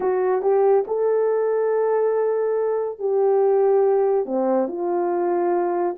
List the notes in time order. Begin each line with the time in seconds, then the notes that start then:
0.00 F#4
0.42 G4
0.87 A4
2.99 G4
4.25 C4
4.68 F4